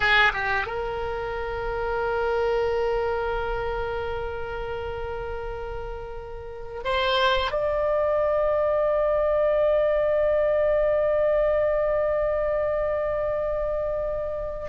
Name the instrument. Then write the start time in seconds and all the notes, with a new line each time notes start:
oboe
0.00 G#4
0.33 G4
0.66 A#4
6.84 C5
7.51 D5